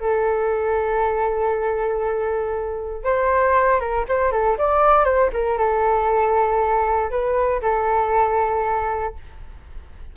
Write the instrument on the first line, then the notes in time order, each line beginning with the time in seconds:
flute
0.00 A4
3.04 C5
3.80 A#4
4.09 C5
4.32 A4
4.58 D5
5.05 C5
5.33 A#4
5.59 A4
7.11 B4
7.62 A4